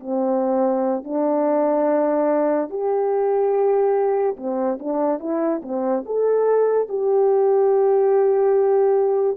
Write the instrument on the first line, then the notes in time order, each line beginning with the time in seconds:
horn
0.00 C4
1.04 D4
2.70 G4
4.37 C4
4.80 D4
5.20 E4
5.62 C4
6.06 A4
6.89 G4